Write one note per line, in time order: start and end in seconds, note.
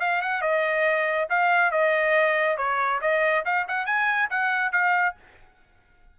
0.00 0.22 F5
0.22 0.42 F#5
0.42 1.28 D#5
1.30 1.71 F5
1.71 2.57 D#5
2.57 3.00 C#5
3.01 3.45 D#5
3.45 3.67 F5
3.68 3.86 F#5
3.86 4.29 G#5
4.30 4.72 F#5
4.72 5.15 F5